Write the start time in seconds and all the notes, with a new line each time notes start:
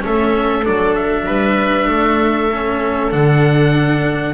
0.00 A3 C#4 A4
0.06 E5
0.64 F#3 D4 D5
0.95 E5
1.26 G3 B4
1.87 A3 A4
2.53 C#4
3.11 D3 D4 F#5